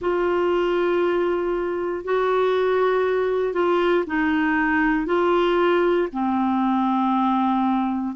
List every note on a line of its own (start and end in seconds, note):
0.00 2.04 F4
2.04 3.53 F#4
3.53 4.04 F4
4.07 5.06 D#4
5.06 6.07 F4
6.12 8.15 C4